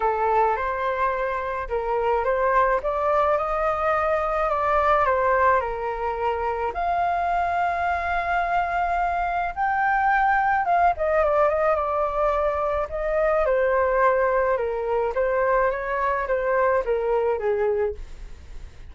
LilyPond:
\new Staff \with { instrumentName = "flute" } { \time 4/4 \tempo 4 = 107 a'4 c''2 ais'4 | c''4 d''4 dis''2 | d''4 c''4 ais'2 | f''1~ |
f''4 g''2 f''8 dis''8 | d''8 dis''8 d''2 dis''4 | c''2 ais'4 c''4 | cis''4 c''4 ais'4 gis'4 | }